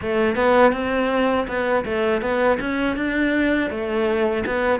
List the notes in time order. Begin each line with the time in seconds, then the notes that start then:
0.01 A3
0.35 B3
0.72 C4
1.47 B3
1.84 A3
2.21 B3
2.60 C#4
2.96 D4
3.70 A3
4.46 B3